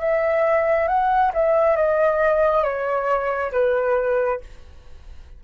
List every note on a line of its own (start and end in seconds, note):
0.00 0.88 E5
0.88 1.32 F#5
1.34 1.76 E5
1.76 2.64 D#5
2.64 3.52 C#5
3.52 4.40 B4